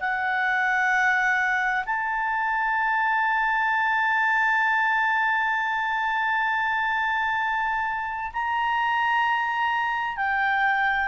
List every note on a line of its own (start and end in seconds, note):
0.00 1.85 F#5
1.86 8.32 A5
8.33 10.17 A#5
10.17 11.09 G5